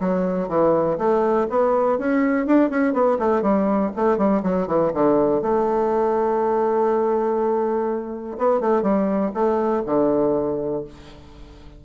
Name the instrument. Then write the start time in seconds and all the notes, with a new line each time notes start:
bassoon
0.00 F#3
0.48 E3
0.98 A3
1.50 B3
1.98 C#4
2.46 D4
2.70 C#4
2.93 B3
3.19 A3
3.42 G3
3.96 A3
4.17 G3
4.42 F#3
4.67 E3
4.94 D3
5.42 A3
8.38 B3
8.60 A3
8.82 G3
9.34 A3
9.86 D3